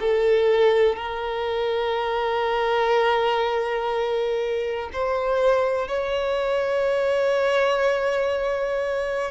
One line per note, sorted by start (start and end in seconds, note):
0.00 0.96 A4
0.96 4.90 A#4
4.93 5.88 C5
5.88 9.31 C#5